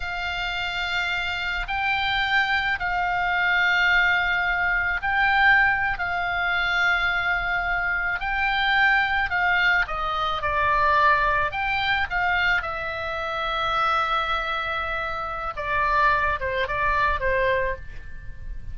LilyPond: \new Staff \with { instrumentName = "oboe" } { \time 4/4 \tempo 4 = 108 f''2. g''4~ | g''4 f''2.~ | f''4 g''4.~ g''16 f''4~ f''16~ | f''2~ f''8. g''4~ g''16~ |
g''8. f''4 dis''4 d''4~ d''16~ | d''8. g''4 f''4 e''4~ e''16~ | e''1 | d''4. c''8 d''4 c''4 | }